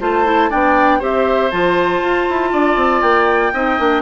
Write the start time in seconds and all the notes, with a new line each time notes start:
0.00 A3 F4 C5 A5
0.25 E4
0.50 B3 D4 D5 G5
0.99 C4 G4 C5 E5
1.50 F3 F4 A5
2.01 F4
2.29 E4
2.52 D4 D5
2.76 C4
3.01 A#3 G5
3.53 C4 D#4 D#5
3.78 A#3 D4